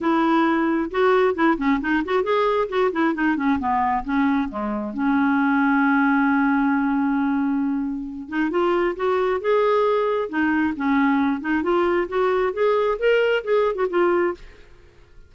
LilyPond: \new Staff \with { instrumentName = "clarinet" } { \time 4/4 \tempo 4 = 134 e'2 fis'4 e'8 cis'8 | dis'8 fis'8 gis'4 fis'8 e'8 dis'8 cis'8 | b4 cis'4 gis4 cis'4~ | cis'1~ |
cis'2~ cis'8 dis'8 f'4 | fis'4 gis'2 dis'4 | cis'4. dis'8 f'4 fis'4 | gis'4 ais'4 gis'8. fis'16 f'4 | }